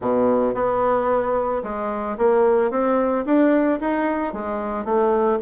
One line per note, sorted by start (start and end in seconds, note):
0.01 0.54 B2
0.54 1.62 B3
1.63 2.17 G#3
2.17 2.71 A#3
2.71 3.25 C4
3.25 3.79 D4
3.80 4.33 D#4
4.33 4.84 G#3
4.84 5.38 A3